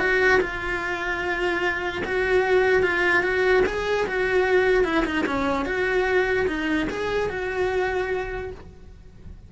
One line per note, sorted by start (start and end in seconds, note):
0.00 0.41 F#4
0.41 2.03 F4
2.05 2.83 F#4
2.83 3.23 F4
3.23 3.64 F#4
3.67 4.07 G#4
4.07 4.85 F#4
4.85 5.05 E4
5.06 5.26 D#4
5.26 5.66 C#4
5.66 6.47 F#4
6.48 6.88 D#4
6.90 7.30 G#4
7.30 8.51 F#4